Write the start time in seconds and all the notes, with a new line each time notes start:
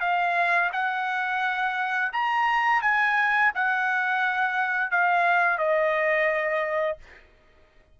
0.00 F5
0.72 F#5
2.12 A#5
2.82 G#5
3.54 F#5
4.91 F5
5.58 D#5